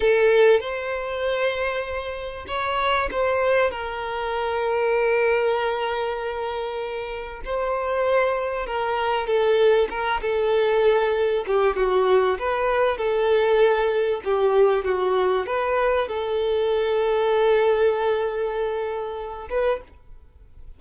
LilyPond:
\new Staff \with { instrumentName = "violin" } { \time 4/4 \tempo 4 = 97 a'4 c''2. | cis''4 c''4 ais'2~ | ais'1 | c''2 ais'4 a'4 |
ais'8 a'2 g'8 fis'4 | b'4 a'2 g'4 | fis'4 b'4 a'2~ | a'2.~ a'8 b'8 | }